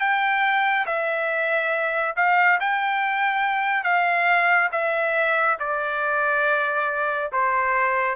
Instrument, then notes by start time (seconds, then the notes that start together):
trumpet
0.00 G5
0.86 E5
2.16 F5
2.60 G5
3.84 F5
4.71 E5
5.59 D5
7.32 C5